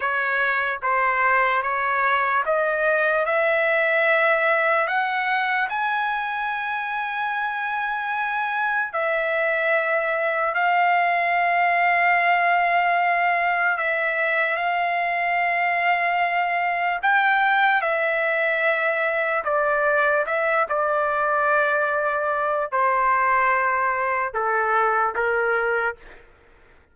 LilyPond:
\new Staff \with { instrumentName = "trumpet" } { \time 4/4 \tempo 4 = 74 cis''4 c''4 cis''4 dis''4 | e''2 fis''4 gis''4~ | gis''2. e''4~ | e''4 f''2.~ |
f''4 e''4 f''2~ | f''4 g''4 e''2 | d''4 e''8 d''2~ d''8 | c''2 a'4 ais'4 | }